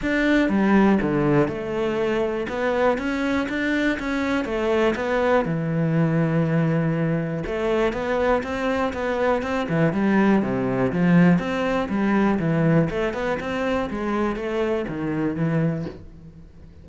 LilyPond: \new Staff \with { instrumentName = "cello" } { \time 4/4 \tempo 4 = 121 d'4 g4 d4 a4~ | a4 b4 cis'4 d'4 | cis'4 a4 b4 e4~ | e2. a4 |
b4 c'4 b4 c'8 e8 | g4 c4 f4 c'4 | g4 e4 a8 b8 c'4 | gis4 a4 dis4 e4 | }